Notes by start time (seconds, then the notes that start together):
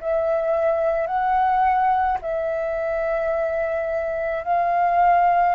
0.00 E5
1.07 F#5
2.21 E5
4.43 F5